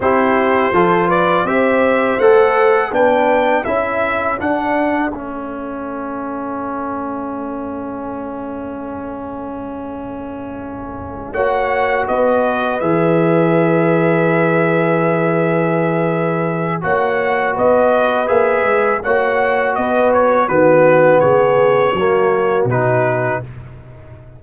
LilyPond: <<
  \new Staff \with { instrumentName = "trumpet" } { \time 4/4 \tempo 4 = 82 c''4. d''8 e''4 fis''4 | g''4 e''4 fis''4 e''4~ | e''1~ | e''2.~ e''8 fis''8~ |
fis''8 dis''4 e''2~ e''8~ | e''2. fis''4 | dis''4 e''4 fis''4 dis''8 cis''8 | b'4 cis''2 b'4 | }
  \new Staff \with { instrumentName = "horn" } { \time 4/4 g'4 a'8 b'8 c''2 | b'4 a'2.~ | a'1~ | a'2.~ a'8 cis''8~ |
cis''8 b'2.~ b'8~ | b'2. cis''4 | b'2 cis''4 b'4 | fis'4 gis'4 fis'2 | }
  \new Staff \with { instrumentName = "trombone" } { \time 4/4 e'4 f'4 g'4 a'4 | d'4 e'4 d'4 cis'4~ | cis'1~ | cis'2.~ cis'8 fis'8~ |
fis'4. gis'2~ gis'8~ | gis'2. fis'4~ | fis'4 gis'4 fis'2 | b2 ais4 dis'4 | }
  \new Staff \with { instrumentName = "tuba" } { \time 4/4 c'4 f4 c'4 a4 | b4 cis'4 d'4 a4~ | a1~ | a2.~ a8 ais8~ |
ais8 b4 e2~ e8~ | e2. ais4 | b4 ais8 gis8 ais4 b4 | dis4 cis4 fis4 b,4 | }
>>